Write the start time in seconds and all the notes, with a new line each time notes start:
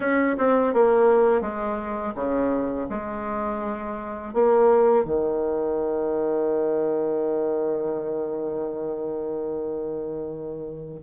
0.00 C#4
0.37 C4
0.73 A#3
1.41 G#3
2.15 C#3
2.89 G#3
4.33 A#3
5.04 D#3